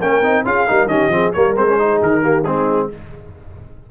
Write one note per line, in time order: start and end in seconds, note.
0.00 0.21 A#3
0.00 0.23 C#4
0.00 0.44 A#4
0.00 0.45 G5
0.21 0.44 C4
0.21 0.45 D#4
0.45 0.67 C#4
0.45 0.67 F4
0.45 0.67 G#4
0.45 0.87 F5
0.67 0.86 G3
0.67 0.88 D#4
0.67 0.89 A#4
0.86 1.08 D#3
0.86 1.10 C#4
0.86 1.12 G4
0.86 1.32 D#5
1.08 1.31 F3
1.08 1.32 C4
1.08 1.33 G#4
1.32 1.56 G3
1.32 1.56 A#3
1.32 1.78 A#4
1.32 1.55 C#5
1.56 2.01 G#3
1.56 1.67 C4
1.56 2.01 C5
1.67 1.78 C#4
1.78 2.22 D#4
1.78 2.21 G#4
2.01 2.45 D#3
2.01 2.43 A#4
2.21 2.44 A#3
2.21 2.43 G4
2.43 2.89 G#3
2.43 2.90 C4
2.43 2.88 D#4
2.43 2.88 G#4